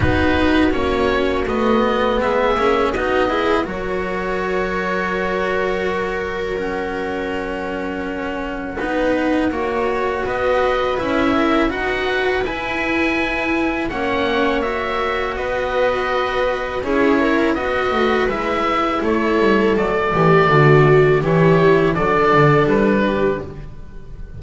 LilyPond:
<<
  \new Staff \with { instrumentName = "oboe" } { \time 4/4 \tempo 4 = 82 b'4 cis''4 dis''4 e''4 | dis''4 cis''2.~ | cis''4 fis''2.~ | fis''2 dis''4 e''4 |
fis''4 gis''2 fis''4 | e''4 dis''2 cis''4 | dis''4 e''4 cis''4 d''4~ | d''4 cis''4 d''4 b'4 | }
  \new Staff \with { instrumentName = "viola" } { \time 4/4 fis'2. gis'4 | fis'8 gis'8 ais'2.~ | ais'1 | b'4 cis''4 b'4. ais'8 |
b'2. cis''4~ | cis''4 b'2 gis'8 ais'8 | b'2 a'4. g'8 | fis'4 g'4 a'4. g'8 | }
  \new Staff \with { instrumentName = "cello" } { \time 4/4 dis'4 cis'4 b4. cis'8 | dis'8 e'8 fis'2.~ | fis'4 cis'2. | dis'4 fis'2 e'4 |
fis'4 e'2 cis'4 | fis'2. e'4 | fis'4 e'2 a4~ | a4 e'4 d'2 | }
  \new Staff \with { instrumentName = "double bass" } { \time 4/4 b4 ais4 a4 gis8 ais8 | b4 fis2.~ | fis1 | b4 ais4 b4 cis'4 |
dis'4 e'2 ais4~ | ais4 b2 cis'4 | b8 a8 gis4 a8 g8 fis8 e8 | d4 e4 fis8 d8 g4 | }
>>